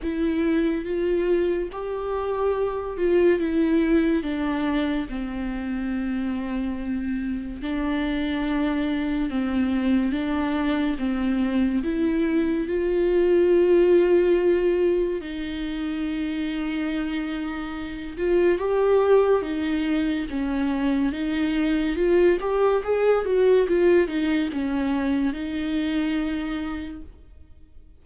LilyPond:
\new Staff \with { instrumentName = "viola" } { \time 4/4 \tempo 4 = 71 e'4 f'4 g'4. f'8 | e'4 d'4 c'2~ | c'4 d'2 c'4 | d'4 c'4 e'4 f'4~ |
f'2 dis'2~ | dis'4. f'8 g'4 dis'4 | cis'4 dis'4 f'8 g'8 gis'8 fis'8 | f'8 dis'8 cis'4 dis'2 | }